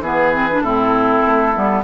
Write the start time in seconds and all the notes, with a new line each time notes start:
0.00 E3 B3 G#4 B4
0.34 C4
0.51 D4
0.61 A2 C4 E4 A4
1.26 A3
1.54 G3 B3